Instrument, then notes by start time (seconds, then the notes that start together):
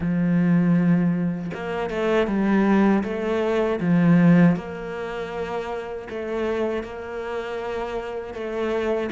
cello
0.00 F3
1.54 A#3
1.90 A3
2.27 G3
3.03 A3
3.80 F3
4.56 A#3
6.09 A3
6.83 A#3
8.34 A3